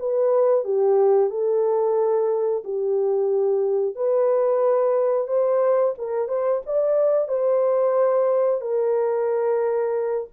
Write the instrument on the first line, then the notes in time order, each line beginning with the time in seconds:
horn
0.00 B4
0.65 G4
1.31 A4
2.65 G4
3.96 B4
5.28 C5
5.99 A#4
6.29 C5
6.67 D5
7.29 C5
8.62 A#4